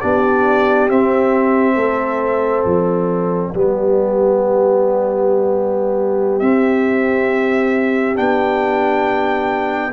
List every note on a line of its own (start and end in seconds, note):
0.00 0.89 B3
0.00 0.89 D4
0.00 1.74 G4
0.00 0.89 D5
0.89 1.76 C4
0.89 3.54 C4
0.89 2.64 E5
1.74 2.64 A3
1.74 3.51 A4
2.64 3.53 F3
2.64 6.39 D5
3.54 6.41 G3
3.54 6.41 B3
3.54 9.92 G4
6.39 8.17 C4
6.39 8.15 C4
6.39 8.16 E5
8.15 9.92 B3
8.15 9.91 D4
8.15 9.92 G5